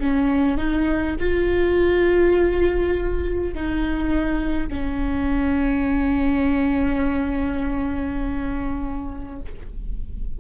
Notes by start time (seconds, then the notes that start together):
0.00 C#4
0.58 D#4
1.20 F4
3.55 D#4
4.70 C#4